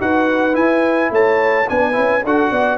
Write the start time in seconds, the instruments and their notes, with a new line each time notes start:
0.00 tuba D#4, trombone F#4, horn B4, trumpet F#5
0.53 trombone E4, tuba E4, trumpet G#5
1.11 tuba A3, horn C#5, trumpet A5
1.69 tuba B3, trombone D4, horn B4, trumpet G#5
1.93 tuba C#4, trombone E4
2.25 tuba D4, trombone F#4, horn A4, trumpet F#5
2.50 tuba B3, horn D5